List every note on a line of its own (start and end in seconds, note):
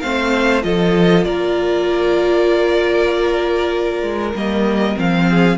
0.00 0.64 A3
0.00 0.62 C4
0.00 0.65 C5
0.00 0.62 F5
0.62 1.26 F3
0.62 4.33 F4
0.62 1.27 A4
0.62 1.24 D#5
1.24 4.02 A#3
1.24 5.29 A#4
1.24 4.33 D5
4.02 4.33 G#3
4.34 4.96 G3
4.34 4.96 A#3
4.34 4.98 D#5
4.96 5.57 F3
4.96 5.57 C4
4.96 5.57 F5
5.30 5.57 G#4